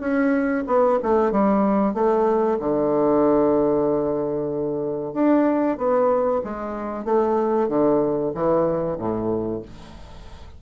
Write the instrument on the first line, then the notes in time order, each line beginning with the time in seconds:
bassoon
0.00 C#4
0.67 B3
1.03 A3
1.31 G3
1.94 A3
2.60 D3
5.14 D4
5.78 B3
6.44 G#3
7.05 A3
7.68 D3
8.34 E3
8.98 A2